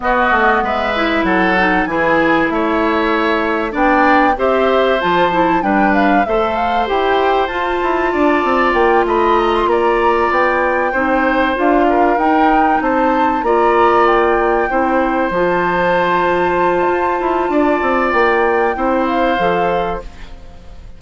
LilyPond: <<
  \new Staff \with { instrumentName = "flute" } { \time 4/4 \tempo 4 = 96 dis''4 e''4 fis''4 gis''4 | e''2 g''4 e''4 | a''4 g''8 f''8 e''8 f''8 g''4 | a''2 g''8 b''8 ais''16 c'''16 ais''8~ |
ais''8 g''2 f''4 g''8~ | g''8 a''4 ais''4 g''4.~ | g''8 a''2.~ a''8~ | a''4 g''4. f''4. | }
  \new Staff \with { instrumentName = "oboe" } { \time 4/4 fis'4 b'4 a'4 gis'4 | cis''2 d''4 c''4~ | c''4 b'4 c''2~ | c''4 d''4. dis''4 d''8~ |
d''4. c''4. ais'4~ | ais'8 c''4 d''2 c''8~ | c''1 | d''2 c''2 | }
  \new Staff \with { instrumentName = "clarinet" } { \time 4/4 b4. e'4 dis'8 e'4~ | e'2 d'4 g'4 | f'8 e'8 d'4 a'4 g'4 | f'1~ |
f'4. dis'4 f'4 dis'8~ | dis'4. f'2 e'8~ | e'8 f'2.~ f'8~ | f'2 e'4 a'4 | }
  \new Staff \with { instrumentName = "bassoon" } { \time 4/4 b8 a8 gis4 fis4 e4 | a2 b4 c'4 | f4 g4 a4 e'4 | f'8 e'8 d'8 c'8 ais8 a4 ais8~ |
ais8 b4 c'4 d'4 dis'8~ | dis'8 c'4 ais2 c'8~ | c'8 f2~ f8 f'8 e'8 | d'8 c'8 ais4 c'4 f4 | }
>>